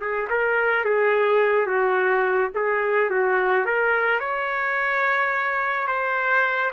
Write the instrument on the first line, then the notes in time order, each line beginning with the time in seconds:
trumpet
0.00 G#4
0.30 A#4
0.84 G#4
1.66 F#4
2.54 G#4
3.10 F#4
3.65 A#4
4.20 C#5
5.87 C5